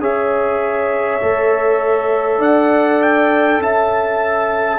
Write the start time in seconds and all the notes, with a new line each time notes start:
0.00 C#4 G#4 C#5 E5
1.22 A3 A4
2.39 D4 D5 F#5
3.02 G5
3.59 C#4 E5 A5